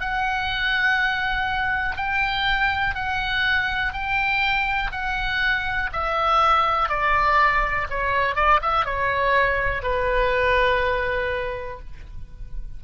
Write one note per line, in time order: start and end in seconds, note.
0.00 1.96 F#5
1.96 2.95 G5
2.95 3.93 F#5
3.93 4.91 G5
4.92 5.90 F#5
5.92 6.89 E5
6.89 7.87 D5
7.90 8.35 C#5
8.35 8.60 D5
8.62 8.85 E5
8.85 9.83 C#5
9.83 11.79 B4